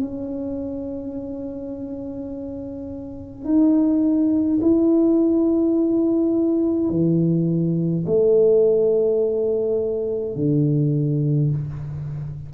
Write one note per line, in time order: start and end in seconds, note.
0.00 3.45 C#4
3.45 4.60 D#4
4.62 6.90 E4
6.90 8.05 E3
8.07 10.35 A3
10.35 11.51 D3